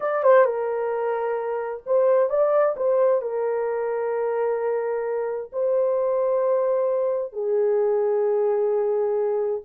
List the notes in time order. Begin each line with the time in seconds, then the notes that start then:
0.00 D5
0.23 C5
0.45 A#4
1.86 C5
2.29 D5
2.76 C5
3.21 A#4
5.52 C5
7.32 G#4